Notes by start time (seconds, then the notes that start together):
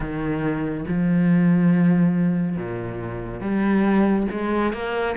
0.00 D#3
0.88 F3
2.56 A#2
3.41 G3
4.31 G#3
4.73 A#3